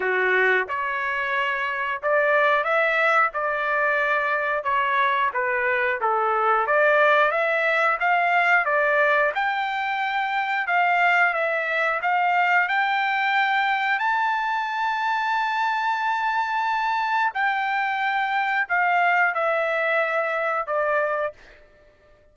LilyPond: \new Staff \with { instrumentName = "trumpet" } { \time 4/4 \tempo 4 = 90 fis'4 cis''2 d''4 | e''4 d''2 cis''4 | b'4 a'4 d''4 e''4 | f''4 d''4 g''2 |
f''4 e''4 f''4 g''4~ | g''4 a''2.~ | a''2 g''2 | f''4 e''2 d''4 | }